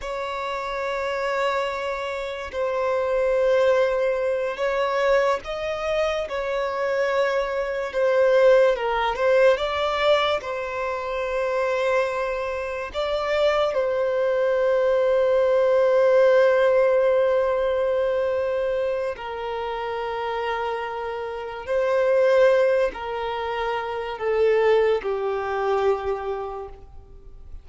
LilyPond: \new Staff \with { instrumentName = "violin" } { \time 4/4 \tempo 4 = 72 cis''2. c''4~ | c''4. cis''4 dis''4 cis''8~ | cis''4. c''4 ais'8 c''8 d''8~ | d''8 c''2. d''8~ |
d''8 c''2.~ c''8~ | c''2. ais'4~ | ais'2 c''4. ais'8~ | ais'4 a'4 g'2 | }